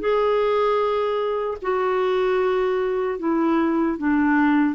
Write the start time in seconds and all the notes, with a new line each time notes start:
0.00 G#4
1.62 F#4
3.19 E4
3.98 D4